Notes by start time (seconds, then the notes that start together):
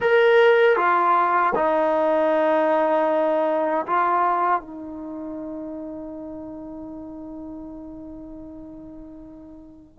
0.00 A#4
0.76 F4
1.55 D#4
3.86 F4
4.60 D#4